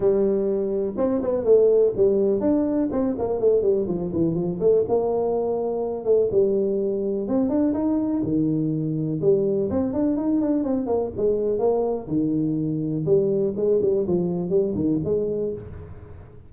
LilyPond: \new Staff \with { instrumentName = "tuba" } { \time 4/4 \tempo 4 = 124 g2 c'8 b8 a4 | g4 d'4 c'8 ais8 a8 g8 | f8 e8 f8 a8 ais2~ | ais8 a8 g2 c'8 d'8 |
dis'4 dis2 g4 | c'8 d'8 dis'8 d'8 c'8 ais8 gis4 | ais4 dis2 g4 | gis8 g8 f4 g8 dis8 gis4 | }